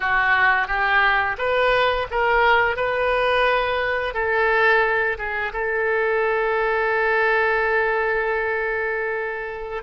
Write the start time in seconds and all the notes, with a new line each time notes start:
0.00 F#4
0.67 G4
1.38 B4
2.10 A#4
2.76 B4
4.14 A4
5.18 G#4
5.52 A4